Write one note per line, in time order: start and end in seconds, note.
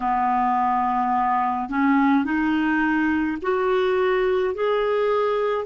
0.00 1.69 B3
1.69 2.24 C#4
2.24 3.37 D#4
3.42 4.54 F#4
4.54 5.65 G#4